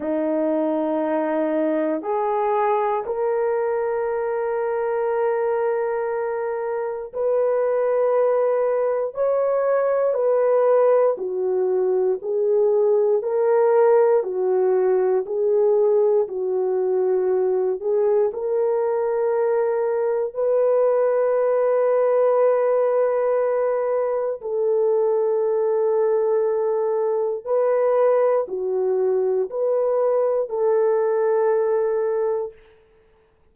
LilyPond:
\new Staff \with { instrumentName = "horn" } { \time 4/4 \tempo 4 = 59 dis'2 gis'4 ais'4~ | ais'2. b'4~ | b'4 cis''4 b'4 fis'4 | gis'4 ais'4 fis'4 gis'4 |
fis'4. gis'8 ais'2 | b'1 | a'2. b'4 | fis'4 b'4 a'2 | }